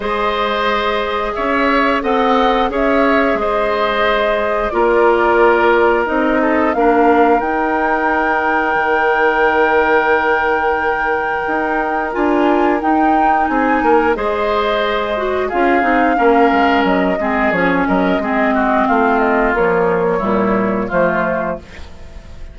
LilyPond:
<<
  \new Staff \with { instrumentName = "flute" } { \time 4/4 \tempo 4 = 89 dis''2 e''4 fis''4 | e''4 dis''2 d''4~ | d''4 dis''4 f''4 g''4~ | g''1~ |
g''2 gis''4 g''4 | gis''4 dis''2 f''4~ | f''4 dis''4 cis''8 dis''4. | f''8 dis''8 cis''2 c''4 | }
  \new Staff \with { instrumentName = "oboe" } { \time 4/4 c''2 cis''4 dis''4 | cis''4 c''2 ais'4~ | ais'4. a'8 ais'2~ | ais'1~ |
ais'1 | gis'8 ais'8 c''2 gis'4 | ais'4. gis'4 ais'8 gis'8 fis'8 | f'2 e'4 f'4 | }
  \new Staff \with { instrumentName = "clarinet" } { \time 4/4 gis'2. a'4 | gis'2. f'4~ | f'4 dis'4 d'4 dis'4~ | dis'1~ |
dis'2 f'4 dis'4~ | dis'4 gis'4. fis'8 f'8 dis'8 | cis'4. c'8 cis'4 c'4~ | c'4 f4 g4 a4 | }
  \new Staff \with { instrumentName = "bassoon" } { \time 4/4 gis2 cis'4 c'4 | cis'4 gis2 ais4~ | ais4 c'4 ais4 dis'4~ | dis'4 dis2.~ |
dis4 dis'4 d'4 dis'4 | c'8 ais8 gis2 cis'8 c'8 | ais8 gis8 fis8 gis8 f8 fis8 gis4 | a4 ais4 ais,4 f4 | }
>>